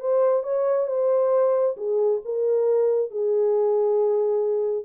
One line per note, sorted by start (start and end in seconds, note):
0.00 0.43 C5
0.43 0.87 C#5
0.87 1.76 C5
1.77 2.21 G#4
2.25 3.11 A#4
3.11 4.85 G#4